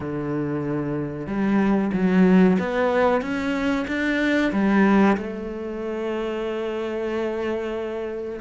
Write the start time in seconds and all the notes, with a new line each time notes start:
0.00 D3
1.26 G3
1.93 F#3
2.59 B3
3.21 C#4
3.87 D4
4.52 G3
5.17 A3